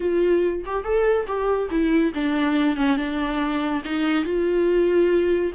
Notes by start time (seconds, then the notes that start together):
0.00 F4
0.65 G4
0.84 A4
1.26 G4
1.70 E4
2.14 D4
2.76 C#4
2.97 D4
3.84 D#4
4.24 F4